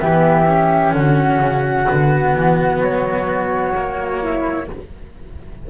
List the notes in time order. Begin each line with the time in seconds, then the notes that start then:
0.00 E3 B3 G4 E5
0.47 C#4
0.93 D3 F#4 F#5
1.40 C#3
1.87 D3 B3
2.35 E3
2.81 F#3 C#5
3.76 A#3
4.22 E4